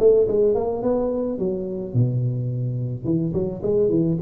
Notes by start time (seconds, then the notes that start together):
0.00 A3
0.28 G#3
0.55 A#3
0.83 B3
1.39 F#3
1.94 B2
3.05 E3
3.34 F#3
3.63 G#3
3.90 E3